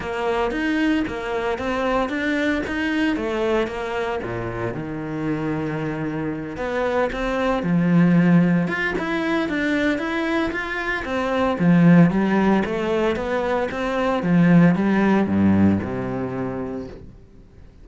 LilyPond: \new Staff \with { instrumentName = "cello" } { \time 4/4 \tempo 4 = 114 ais4 dis'4 ais4 c'4 | d'4 dis'4 a4 ais4 | ais,4 dis2.~ | dis8 b4 c'4 f4.~ |
f8 f'8 e'4 d'4 e'4 | f'4 c'4 f4 g4 | a4 b4 c'4 f4 | g4 g,4 c2 | }